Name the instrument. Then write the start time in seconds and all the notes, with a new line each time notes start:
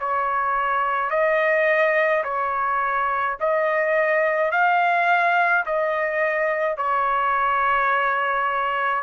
trumpet
0.00 C#5
1.11 D#5
2.24 C#5
3.41 D#5
4.52 F5
5.67 D#5
6.77 C#5